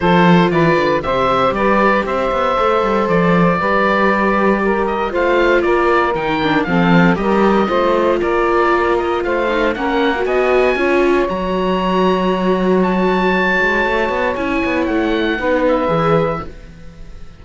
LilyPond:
<<
  \new Staff \with { instrumentName = "oboe" } { \time 4/4 \tempo 4 = 117 c''4 d''4 e''4 d''4 | e''2 d''2~ | d''4. dis''8 f''4 d''4 | g''4 f''4 dis''2 |
d''4. dis''8 f''4 fis''4 | gis''2 ais''2~ | ais''4 a''2. | gis''4 fis''4. e''4. | }
  \new Staff \with { instrumentName = "saxophone" } { \time 4/4 a'4 b'4 c''4 b'4 | c''2. b'4~ | b'4 ais'4 c''4 ais'4~ | ais'4 a'4 ais'4 c''4 |
ais'2 c''4 ais'4 | dis''4 cis''2.~ | cis''1~ | cis''2 b'2 | }
  \new Staff \with { instrumentName = "viola" } { \time 4/4 f'2 g'2~ | g'4 a'2 g'4~ | g'2 f'2 | dis'8 d'8 c'4 g'4 f'4~ |
f'2~ f'8 dis'8 cis'8. fis'16~ | fis'4 f'4 fis'2~ | fis'1 | e'2 dis'4 gis'4 | }
  \new Staff \with { instrumentName = "cello" } { \time 4/4 f4 e8 d8 c4 g4 | c'8 b8 a8 g8 f4 g4~ | g2 a4 ais4 | dis4 f4 g4 a4 |
ais2 a4 ais4 | b4 cis'4 fis2~ | fis2~ fis8 gis8 a8 b8 | cis'8 b8 a4 b4 e4 | }
>>